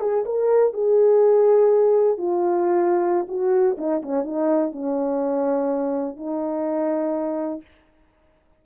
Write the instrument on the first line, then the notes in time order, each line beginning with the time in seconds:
horn
0.00 G#4
0.26 A#4
0.73 G#4
2.18 F4
3.28 F#4
3.78 D#4
4.02 C#4
4.24 D#4
4.72 C#4
6.16 D#4